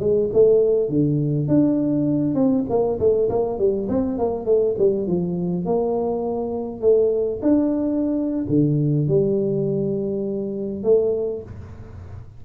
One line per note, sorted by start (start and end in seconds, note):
0.00 0.30 G#3
0.33 0.89 A3
0.89 1.48 D3
1.48 2.35 D4
2.35 2.64 C4
2.69 2.99 A#3
2.99 3.29 A3
3.29 3.59 A#3
3.59 3.88 G3
3.89 4.18 C4
4.18 4.46 A#3
4.46 4.75 A3
4.78 5.07 G3
5.07 5.65 F3
5.65 6.81 A#3
6.81 7.40 A3
7.42 8.46 D4
8.49 9.08 D3
9.08 10.83 G3
10.83 11.43 A3